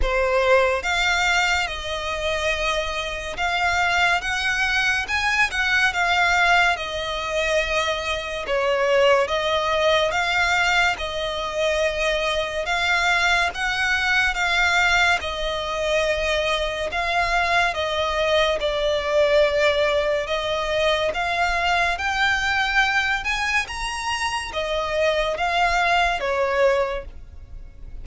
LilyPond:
\new Staff \with { instrumentName = "violin" } { \time 4/4 \tempo 4 = 71 c''4 f''4 dis''2 | f''4 fis''4 gis''8 fis''8 f''4 | dis''2 cis''4 dis''4 | f''4 dis''2 f''4 |
fis''4 f''4 dis''2 | f''4 dis''4 d''2 | dis''4 f''4 g''4. gis''8 | ais''4 dis''4 f''4 cis''4 | }